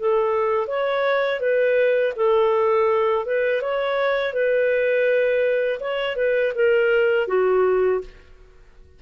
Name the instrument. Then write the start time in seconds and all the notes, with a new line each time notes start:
clarinet
0.00 A4
0.68 C#5
1.40 B4
2.16 A4
3.26 B4
3.62 C#5
4.34 B4
5.81 C#5
6.16 B4
6.55 A#4
7.28 F#4